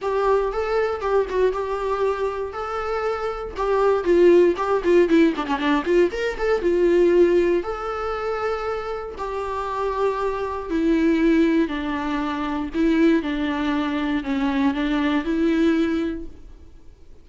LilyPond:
\new Staff \with { instrumentName = "viola" } { \time 4/4 \tempo 4 = 118 g'4 a'4 g'8 fis'8 g'4~ | g'4 a'2 g'4 | f'4 g'8 f'8 e'8 d'16 cis'16 d'8 f'8 | ais'8 a'8 f'2 a'4~ |
a'2 g'2~ | g'4 e'2 d'4~ | d'4 e'4 d'2 | cis'4 d'4 e'2 | }